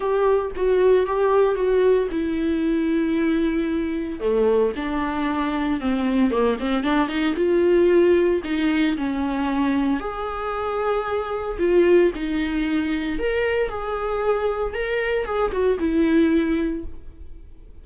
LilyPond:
\new Staff \with { instrumentName = "viola" } { \time 4/4 \tempo 4 = 114 g'4 fis'4 g'4 fis'4 | e'1 | a4 d'2 c'4 | ais8 c'8 d'8 dis'8 f'2 |
dis'4 cis'2 gis'4~ | gis'2 f'4 dis'4~ | dis'4 ais'4 gis'2 | ais'4 gis'8 fis'8 e'2 | }